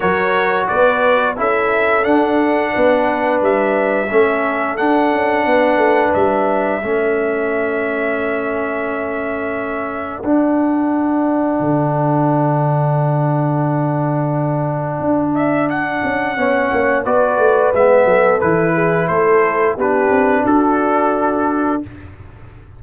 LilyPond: <<
  \new Staff \with { instrumentName = "trumpet" } { \time 4/4 \tempo 4 = 88 cis''4 d''4 e''4 fis''4~ | fis''4 e''2 fis''4~ | fis''4 e''2.~ | e''2. fis''4~ |
fis''1~ | fis''2~ fis''8 e''8 fis''4~ | fis''4 d''4 e''4 b'4 | c''4 b'4 a'2 | }
  \new Staff \with { instrumentName = "horn" } { \time 4/4 ais'4 b'4 a'2 | b'2 a'2 | b'2 a'2~ | a'1~ |
a'1~ | a'1 | cis''4 b'4. a'4 gis'8 | a'4 g'4 fis'2 | }
  \new Staff \with { instrumentName = "trombone" } { \time 4/4 fis'2 e'4 d'4~ | d'2 cis'4 d'4~ | d'2 cis'2~ | cis'2. d'4~ |
d'1~ | d'1 | cis'4 fis'4 b4 e'4~ | e'4 d'2. | }
  \new Staff \with { instrumentName = "tuba" } { \time 4/4 fis4 b4 cis'4 d'4 | b4 g4 a4 d'8 cis'8 | b8 a8 g4 a2~ | a2. d'4~ |
d'4 d2.~ | d2 d'4. cis'8 | b8 ais8 b8 a8 gis8 fis8 e4 | a4 b8 c'8 d'2 | }
>>